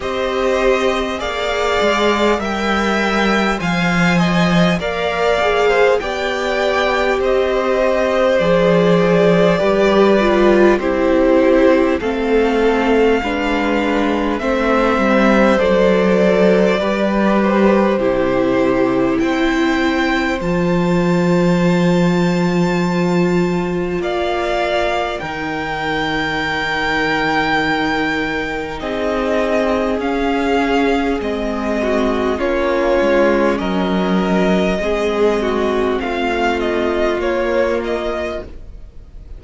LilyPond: <<
  \new Staff \with { instrumentName = "violin" } { \time 4/4 \tempo 4 = 50 dis''4 f''4 g''4 gis''4 | f''4 g''4 dis''4 d''4~ | d''4 c''4 f''2 | e''4 d''4. c''4. |
g''4 a''2. | f''4 g''2. | dis''4 f''4 dis''4 cis''4 | dis''2 f''8 dis''8 cis''8 dis''8 | }
  \new Staff \with { instrumentName = "violin" } { \time 4/4 c''4 d''4 e''4 f''8 dis''8 | d''8. c''16 d''4 c''2 | b'4 g'4 a'4 b'4 | c''2 b'4 g'4 |
c''1 | d''4 ais'2. | gis'2~ gis'8 fis'8 f'4 | ais'4 gis'8 fis'8 f'2 | }
  \new Staff \with { instrumentName = "viola" } { \time 4/4 g'4 gis'4 ais'4 c''4 | ais'8 gis'8 g'2 gis'4 | g'8 f'8 e'4 c'4 d'4 | c'4 a'4 g'4 e'4~ |
e'4 f'2.~ | f'4 dis'2.~ | dis'4 cis'4 c'4 cis'4~ | cis'4 c'2 ais4 | }
  \new Staff \with { instrumentName = "cello" } { \time 4/4 c'4 ais8 gis8 g4 f4 | ais4 b4 c'4 f4 | g4 c'4 a4 gis4 | a8 g8 fis4 g4 c4 |
c'4 f2. | ais4 dis2. | c'4 cis'4 gis4 ais8 gis8 | fis4 gis4 a4 ais4 | }
>>